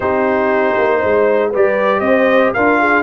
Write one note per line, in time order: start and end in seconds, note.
0.00 0.74 C4
0.00 1.53 D#4
0.00 0.99 G4
0.00 1.52 C5
0.77 1.03 A#3
0.99 1.54 G#3
0.99 1.49 C5
1.50 2.00 G3
1.50 2.55 G4
1.50 2.00 B4
1.50 2.00 D5
2.00 2.51 C4
2.00 2.54 C5
2.00 2.51 D#5
2.53 3.02 D4
2.53 3.02 F4
2.53 2.79 A#4
2.53 3.02 F5
2.79 3.02 G#4